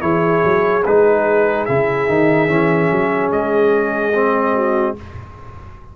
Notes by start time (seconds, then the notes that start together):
0.00 E3 E4 G#4 C#5
0.44 F#3
0.85 G#3 D#4 B4
1.65 C#3 E4 E5
2.08 D#3 D#4
2.48 E3 C#4
2.91 F#3
3.31 G#3 D#5
4.14 C4
4.54 F#4